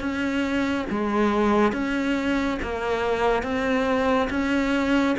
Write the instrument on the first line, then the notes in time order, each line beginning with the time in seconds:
cello
0.00 C#4
0.90 G#3
1.73 C#4
2.62 A#3
3.43 C4
4.30 C#4